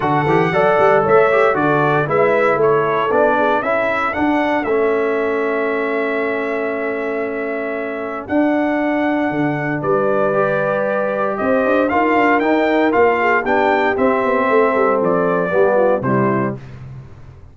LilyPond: <<
  \new Staff \with { instrumentName = "trumpet" } { \time 4/4 \tempo 4 = 116 fis''2 e''4 d''4 | e''4 cis''4 d''4 e''4 | fis''4 e''2.~ | e''1 |
fis''2. d''4~ | d''2 dis''4 f''4 | g''4 f''4 g''4 e''4~ | e''4 d''2 c''4 | }
  \new Staff \with { instrumentName = "horn" } { \time 4/4 a'4 d''4 cis''4 a'4 | b'4 a'4. gis'8 a'4~ | a'1~ | a'1~ |
a'2. b'4~ | b'2 c''4 ais'4~ | ais'4. gis'8 g'2 | a'2 g'8 f'8 e'4 | }
  \new Staff \with { instrumentName = "trombone" } { \time 4/4 fis'8 g'8 a'4. g'8 fis'4 | e'2 d'4 e'4 | d'4 cis'2.~ | cis'1 |
d'1 | g'2. f'4 | dis'4 f'4 d'4 c'4~ | c'2 b4 g4 | }
  \new Staff \with { instrumentName = "tuba" } { \time 4/4 d8 e8 fis8 g8 a4 d4 | gis4 a4 b4 cis'4 | d'4 a2.~ | a1 |
d'2 d4 g4~ | g2 c'8 d'8 dis'8 d'8 | dis'4 ais4 b4 c'8 b8 | a8 g8 f4 g4 c4 | }
>>